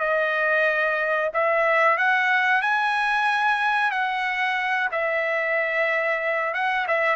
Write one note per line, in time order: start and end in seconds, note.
0.00 1.30 D#5
1.34 1.98 E5
1.98 2.61 F#5
2.61 3.91 G#5
3.91 4.89 F#5
4.92 6.54 E5
6.54 6.86 F#5
6.87 7.16 E5